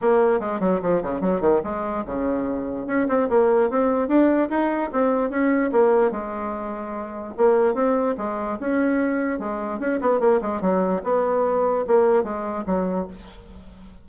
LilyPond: \new Staff \with { instrumentName = "bassoon" } { \time 4/4 \tempo 4 = 147 ais4 gis8 fis8 f8 cis8 fis8 dis8 | gis4 cis2 cis'8 c'8 | ais4 c'4 d'4 dis'4 | c'4 cis'4 ais4 gis4~ |
gis2 ais4 c'4 | gis4 cis'2 gis4 | cis'8 b8 ais8 gis8 fis4 b4~ | b4 ais4 gis4 fis4 | }